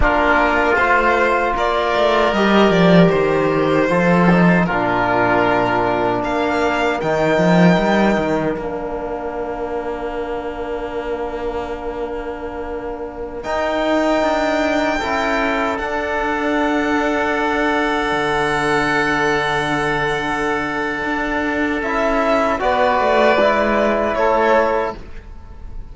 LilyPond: <<
  \new Staff \with { instrumentName = "violin" } { \time 4/4 \tempo 4 = 77 ais'4 c''4 d''4 dis''8 d''8 | c''2 ais'2 | f''4 g''2 f''4~ | f''1~ |
f''4~ f''16 g''2~ g''8.~ | g''16 fis''2.~ fis''8.~ | fis''1 | e''4 d''2 cis''4 | }
  \new Staff \with { instrumentName = "oboe" } { \time 4/4 f'2 ais'2~ | ais'4 a'4 f'2 | ais'1~ | ais'1~ |
ais'2.~ ais'16 a'8.~ | a'1~ | a'1~ | a'4 b'2 a'4 | }
  \new Staff \with { instrumentName = "trombone" } { \time 4/4 d'4 f'2 g'4~ | g'4 f'8 dis'8 d'2~ | d'4 dis'2 d'4~ | d'1~ |
d'4~ d'16 dis'2 e'8.~ | e'16 d'2.~ d'8.~ | d'1 | e'4 fis'4 e'2 | }
  \new Staff \with { instrumentName = "cello" } { \time 4/4 ais4 a4 ais8 a8 g8 f8 | dis4 f4 ais,2 | ais4 dis8 f8 g8 dis8 ais4~ | ais1~ |
ais4~ ais16 dis'4 d'4 cis'8.~ | cis'16 d'2. d8.~ | d2. d'4 | cis'4 b8 a8 gis4 a4 | }
>>